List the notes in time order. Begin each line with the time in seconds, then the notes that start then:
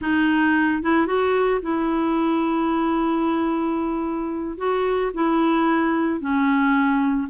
0.01 D#4
0.82 E4
1.07 F#4
1.61 E4
4.57 F#4
5.14 E4
6.20 C#4